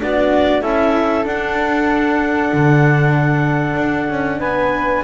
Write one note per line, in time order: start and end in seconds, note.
0.00 0.62 B3
0.00 0.62 D4
0.00 0.61 F#4
0.00 0.62 D5
0.61 1.25 C#4
0.61 1.24 E4
0.61 4.40 A4
0.61 1.25 E5
1.24 5.03 D4
1.24 2.52 D4
1.24 4.41 F#5
2.53 3.77 D3
3.77 4.09 D4
4.09 4.40 C#4
4.40 5.03 B3
4.40 5.03 B4
4.40 5.04 G#5